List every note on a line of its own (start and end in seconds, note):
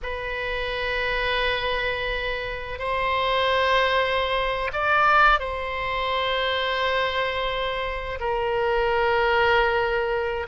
0.03 2.78 B4
2.78 4.70 C5
4.73 5.39 D5
5.39 8.18 C5
8.19 10.46 A#4